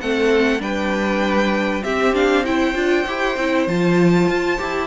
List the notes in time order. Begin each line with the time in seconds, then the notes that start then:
0.00 A3 C4 A4 F#5
0.59 G3 D4 B4 G5
1.83 C4 G4 E5
2.14 D4 F5
2.44 E4 C5 G5
2.74 D4 F4
3.07 E4 G4
3.37 C4 E4
3.67 F3 F4 A5
4.28 F4
4.58 E4 G4